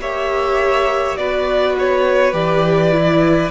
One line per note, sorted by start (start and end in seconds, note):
0.00 1.18 A#3
0.00 1.17 G4
0.00 1.19 C#5
0.00 1.17 E5
1.17 2.33 B3
1.17 2.34 F#4
1.17 3.51 B4
1.17 1.76 D5
1.79 2.34 C#5
2.33 3.51 E3
2.33 2.92 G4
2.33 3.51 D5
2.92 3.51 E4